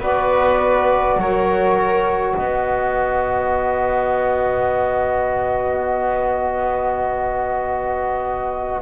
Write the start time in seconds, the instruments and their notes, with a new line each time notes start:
0.00 double bass B3, trombone F#4, viola B4, flute D5
1.17 double bass F#3, viola A#4, flute C#5
2.34 double bass B3, viola B4, flute D#5